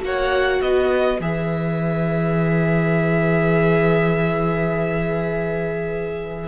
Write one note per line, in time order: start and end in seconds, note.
0.00 0.61 A#3
0.00 1.18 F#4
0.00 0.61 C#5
0.00 0.61 F#5
0.61 1.20 B3
0.61 6.48 B4
0.61 1.20 D#5
1.20 6.48 E3
1.20 6.48 G#4
1.20 6.48 E5